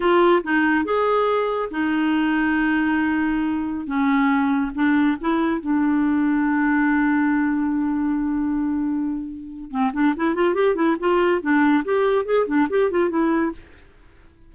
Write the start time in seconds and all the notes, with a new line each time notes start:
0.00 F4
0.43 D#4
0.84 G#4
1.70 D#4
3.86 C#4
4.74 D4
5.20 E4
5.61 D4
9.70 C4
9.93 D4
10.16 E4
10.34 F4
10.54 G4
10.75 E4
10.99 F4
11.41 D4
11.84 G4
12.25 G#4
12.46 D4
12.69 G4
12.90 F4
13.09 E4